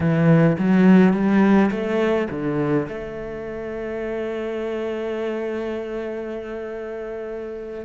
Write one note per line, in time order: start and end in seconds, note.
0.00 0.56 E3
0.58 1.13 F#3
1.13 1.70 G3
1.70 2.28 A3
2.30 2.87 D3
2.88 7.85 A3